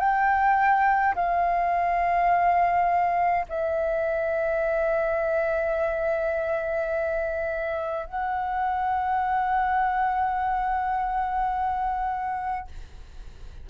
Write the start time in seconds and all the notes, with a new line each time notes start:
0.00 G5
1.15 F5
3.49 E5
8.07 F#5